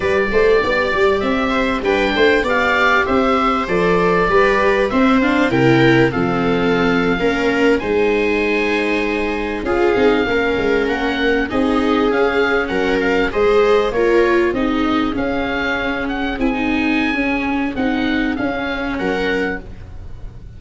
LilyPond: <<
  \new Staff \with { instrumentName = "oboe" } { \time 4/4 \tempo 4 = 98 d''2 e''4 g''4 | f''4 e''4 d''2 | e''8 f''8 g''4 f''2~ | f''8. gis''2. f''16~ |
f''4.~ f''16 fis''4 dis''4 f''16~ | f''8. fis''8 f''8 dis''4 cis''4 dis''16~ | dis''8. f''4. fis''8 gis''4~ gis''16~ | gis''4 fis''4 f''4 fis''4 | }
  \new Staff \with { instrumentName = "viola" } { \time 4/4 b'8 c''8 d''4. c''8 b'8 c''8 | d''4 c''2 b'4 | c''4 ais'4 a'4.~ a'16 ais'16~ | ais'8. c''2. gis'16~ |
gis'8. ais'2 gis'4~ gis'16~ | gis'8. ais'4 c''4 ais'4 gis'16~ | gis'1~ | gis'2. ais'4 | }
  \new Staff \with { instrumentName = "viola" } { \time 4/4 g'2. d'4 | g'2 a'4 g'4 | c'8 d'8 e'4 c'4.~ c'16 cis'16~ | cis'8. dis'2. f'16~ |
f'16 dis'8 cis'2 dis'4 cis'16~ | cis'4.~ cis'16 gis'4 f'4 dis'16~ | dis'8. cis'2 e'16 dis'4 | cis'4 dis'4 cis'2 | }
  \new Staff \with { instrumentName = "tuba" } { \time 4/4 g8 a8 b8 g8 c'4 g8 a8 | b4 c'4 f4 g4 | c'4 c4 f4.~ f16 ais16~ | ais8. gis2. cis'16~ |
cis'16 c'8 ais8 gis8 ais4 c'4 cis'16~ | cis'8. fis4 gis4 ais4 c'16~ | c'8. cis'2 c'4~ c'16 | cis'4 c'4 cis'4 fis4 | }
>>